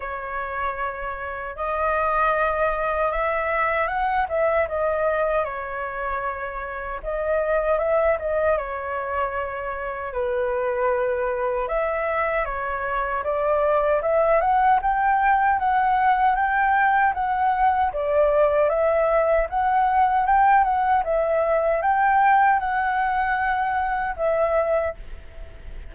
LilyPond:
\new Staff \with { instrumentName = "flute" } { \time 4/4 \tempo 4 = 77 cis''2 dis''2 | e''4 fis''8 e''8 dis''4 cis''4~ | cis''4 dis''4 e''8 dis''8 cis''4~ | cis''4 b'2 e''4 |
cis''4 d''4 e''8 fis''8 g''4 | fis''4 g''4 fis''4 d''4 | e''4 fis''4 g''8 fis''8 e''4 | g''4 fis''2 e''4 | }